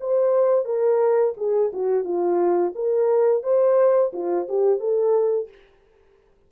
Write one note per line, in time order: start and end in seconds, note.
0.00 0.65 C5
0.65 1.34 A#4
1.37 1.71 G#4
1.73 2.04 F#4
2.04 2.73 F4
2.75 3.43 A#4
3.43 4.12 C5
4.13 4.47 F4
4.49 4.79 G4
4.79 5.48 A4